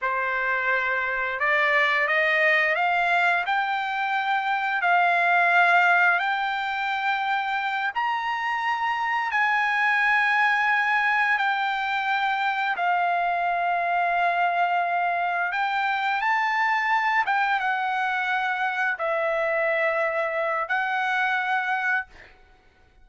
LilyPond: \new Staff \with { instrumentName = "trumpet" } { \time 4/4 \tempo 4 = 87 c''2 d''4 dis''4 | f''4 g''2 f''4~ | f''4 g''2~ g''8 ais''8~ | ais''4. gis''2~ gis''8~ |
gis''8 g''2 f''4.~ | f''2~ f''8 g''4 a''8~ | a''4 g''8 fis''2 e''8~ | e''2 fis''2 | }